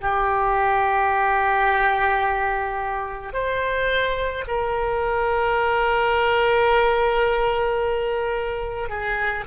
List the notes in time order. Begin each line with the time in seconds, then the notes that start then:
0.00 G4
3.33 C5
4.47 A#4
8.89 G#4